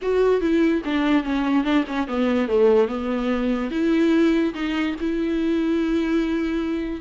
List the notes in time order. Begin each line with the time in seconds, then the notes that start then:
0.02 F#4
0.40 E4
0.84 D4
1.23 C#4
1.63 D4
1.87 C#4
2.07 B3
2.48 A3
2.88 B3
3.70 E4
4.53 D#4
5.00 E4